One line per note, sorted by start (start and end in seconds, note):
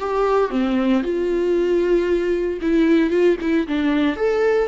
0.00 0.51 G4
0.51 1.03 C4
1.03 2.60 F4
2.62 3.10 E4
3.10 3.36 F4
3.41 3.67 E4
3.68 4.16 D4
4.16 4.68 A4